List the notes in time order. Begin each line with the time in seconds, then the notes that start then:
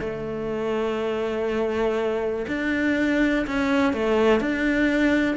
0.00 A3
2.47 D4
3.46 C#4
3.93 A3
4.40 D4